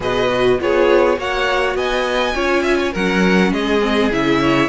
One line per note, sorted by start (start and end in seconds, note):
0.00 0.59 B2
0.00 0.29 G#4
0.00 0.59 B4
0.00 0.60 D#5
0.29 0.58 F#4
0.59 1.18 B3
0.59 1.17 F4
0.59 1.18 G#4
0.59 1.19 C#5
1.17 1.75 A#3
1.17 2.34 F#4
1.17 1.76 C#5
1.17 1.77 F#5
1.75 2.34 B3
1.75 2.35 D#5
1.75 2.94 G#5
2.34 2.94 C#4
2.34 2.92 F4
2.34 2.62 C#5
2.62 2.77 E5
2.79 2.92 C#5
2.92 3.52 F#3
2.92 3.80 C#4
2.92 3.51 A#4
2.92 3.52 F#5
3.51 4.11 G#3
3.51 4.40 G#4
3.51 4.11 D#5
3.80 4.10 C4
4.11 4.68 C#3
4.11 4.68 E4
4.11 4.68 E5
4.40 4.68 C#5